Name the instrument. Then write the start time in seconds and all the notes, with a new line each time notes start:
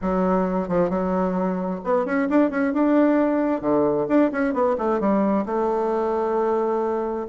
bassoon
0.01 F#3
0.68 F3
0.89 F#3
1.84 B3
2.05 C#4
2.29 D4
2.50 C#4
2.73 D4
3.61 D3
4.08 D4
4.31 C#4
4.53 B3
4.77 A3
5.00 G3
5.45 A3